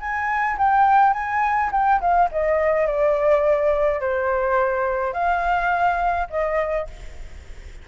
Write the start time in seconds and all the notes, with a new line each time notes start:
0.00 G#5
0.58 G5
1.13 G#5
1.72 G5
2.01 F5
2.32 D#5
2.87 D5
4.00 C5
5.13 F5
6.30 D#5